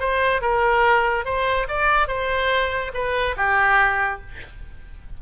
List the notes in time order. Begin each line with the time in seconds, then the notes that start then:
0.00 C5
0.42 A#4
1.25 C5
1.68 D5
2.08 C5
2.94 B4
3.37 G4